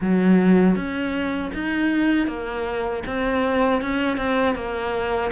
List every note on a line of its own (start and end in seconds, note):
0.00 0.75 F#3
0.75 1.51 C#4
1.54 2.27 D#4
2.27 3.03 A#3
3.06 3.81 C4
3.81 4.17 C#4
4.17 4.55 C4
4.55 5.31 A#3